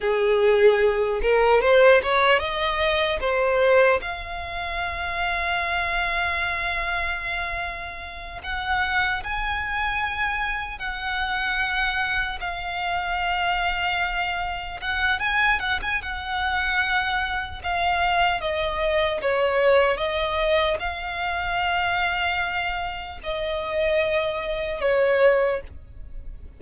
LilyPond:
\new Staff \with { instrumentName = "violin" } { \time 4/4 \tempo 4 = 75 gis'4. ais'8 c''8 cis''8 dis''4 | c''4 f''2.~ | f''2~ f''8 fis''4 gis''8~ | gis''4. fis''2 f''8~ |
f''2~ f''8 fis''8 gis''8 fis''16 gis''16 | fis''2 f''4 dis''4 | cis''4 dis''4 f''2~ | f''4 dis''2 cis''4 | }